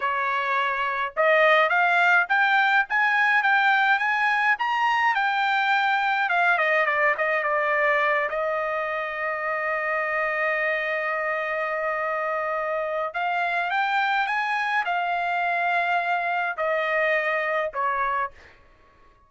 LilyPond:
\new Staff \with { instrumentName = "trumpet" } { \time 4/4 \tempo 4 = 105 cis''2 dis''4 f''4 | g''4 gis''4 g''4 gis''4 | ais''4 g''2 f''8 dis''8 | d''8 dis''8 d''4. dis''4.~ |
dis''1~ | dis''2. f''4 | g''4 gis''4 f''2~ | f''4 dis''2 cis''4 | }